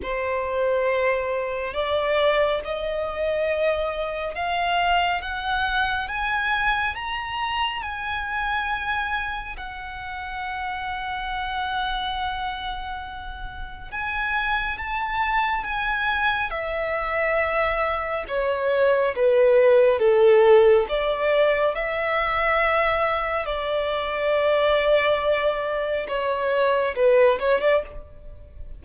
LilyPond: \new Staff \with { instrumentName = "violin" } { \time 4/4 \tempo 4 = 69 c''2 d''4 dis''4~ | dis''4 f''4 fis''4 gis''4 | ais''4 gis''2 fis''4~ | fis''1 |
gis''4 a''4 gis''4 e''4~ | e''4 cis''4 b'4 a'4 | d''4 e''2 d''4~ | d''2 cis''4 b'8 cis''16 d''16 | }